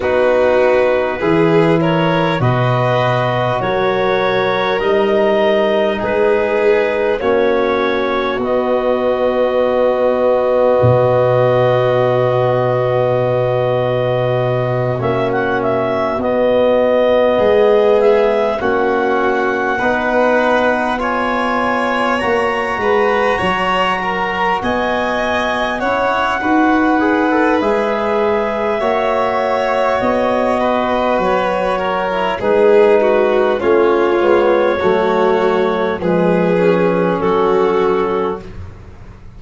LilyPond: <<
  \new Staff \with { instrumentName = "clarinet" } { \time 4/4 \tempo 4 = 50 b'4. cis''8 dis''4 cis''4 | dis''4 b'4 cis''4 dis''4~ | dis''1~ | dis''8 e''16 fis''16 e''8 dis''4. e''8 fis''8~ |
fis''4. gis''4 ais''4.~ | ais''8 gis''4 fis''4. e''4~ | e''4 dis''4 cis''4 b'4 | cis''2 b'4 a'4 | }
  \new Staff \with { instrumentName = "violin" } { \time 4/4 fis'4 gis'8 ais'8 b'4 ais'4~ | ais'4 gis'4 fis'2~ | fis'1~ | fis'2~ fis'8 gis'4 fis'8~ |
fis'8 b'4 cis''4. b'8 cis''8 | ais'8 dis''4 cis''8 b'2 | cis''4. b'4 ais'8 gis'8 fis'8 | f'4 fis'4 gis'4 fis'4 | }
  \new Staff \with { instrumentName = "trombone" } { \time 4/4 dis'4 e'4 fis'2 | dis'2 cis'4 b4~ | b1~ | b8 cis'4 b2 cis'8~ |
cis'8 dis'4 f'4 fis'4.~ | fis'4. e'8 fis'8 gis'16 a'16 gis'4 | fis'2~ fis'8. e'16 dis'4 | cis'8 b8 a4 gis8 cis'4. | }
  \new Staff \with { instrumentName = "tuba" } { \time 4/4 b4 e4 b,4 fis4 | g4 gis4 ais4 b4~ | b4 b,2.~ | b,8 ais4 b4 gis4 ais8~ |
ais8 b2 ais8 gis8 fis8~ | fis8 b4 cis'8 dis'4 gis4 | ais4 b4 fis4 gis4 | a8 gis8 fis4 f4 fis4 | }
>>